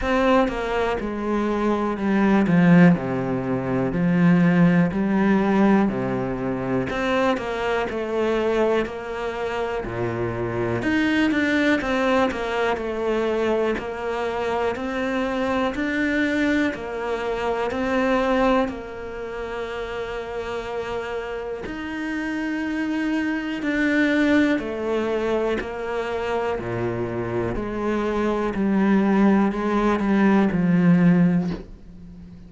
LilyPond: \new Staff \with { instrumentName = "cello" } { \time 4/4 \tempo 4 = 61 c'8 ais8 gis4 g8 f8 c4 | f4 g4 c4 c'8 ais8 | a4 ais4 ais,4 dis'8 d'8 | c'8 ais8 a4 ais4 c'4 |
d'4 ais4 c'4 ais4~ | ais2 dis'2 | d'4 a4 ais4 ais,4 | gis4 g4 gis8 g8 f4 | }